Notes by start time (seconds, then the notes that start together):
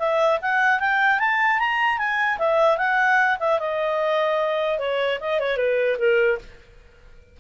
0.00 E5
0.42 F#5
0.80 G5
1.20 A5
1.60 A#5
1.98 G#5
2.39 E5
2.78 F#5
3.40 E5
3.60 D#5
4.79 C#5
5.21 D#5
5.40 C#5
5.57 B4
5.99 A#4